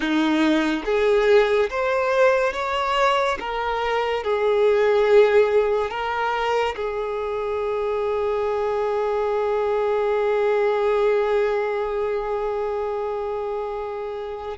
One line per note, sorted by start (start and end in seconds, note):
0.00 0.83 D#4
0.85 1.69 G#4
1.70 2.53 C5
2.53 3.38 C#5
3.39 4.23 A#4
4.23 5.90 G#4
5.90 6.75 A#4
6.76 14.57 G#4